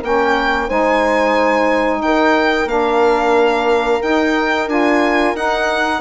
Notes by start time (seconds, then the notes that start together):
0.00 A#3 C#4 A#4 G5
0.68 G#3 D#4 C5 G#5
2.02 D#4 A#4 G5
2.66 A#3 D4 F5
4.02 D#4 G5
4.67 D4 F4 G#5
5.34 D#4 F#5